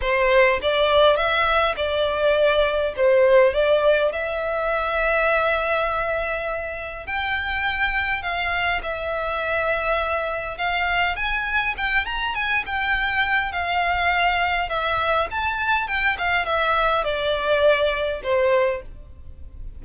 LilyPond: \new Staff \with { instrumentName = "violin" } { \time 4/4 \tempo 4 = 102 c''4 d''4 e''4 d''4~ | d''4 c''4 d''4 e''4~ | e''1 | g''2 f''4 e''4~ |
e''2 f''4 gis''4 | g''8 ais''8 gis''8 g''4. f''4~ | f''4 e''4 a''4 g''8 f''8 | e''4 d''2 c''4 | }